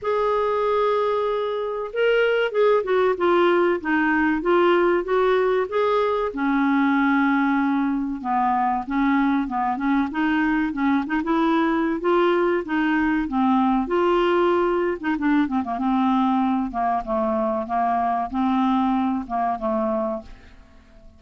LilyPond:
\new Staff \with { instrumentName = "clarinet" } { \time 4/4 \tempo 4 = 95 gis'2. ais'4 | gis'8 fis'8 f'4 dis'4 f'4 | fis'4 gis'4 cis'2~ | cis'4 b4 cis'4 b8 cis'8 |
dis'4 cis'8 dis'16 e'4~ e'16 f'4 | dis'4 c'4 f'4.~ f'16 dis'16 | d'8 c'16 ais16 c'4. ais8 a4 | ais4 c'4. ais8 a4 | }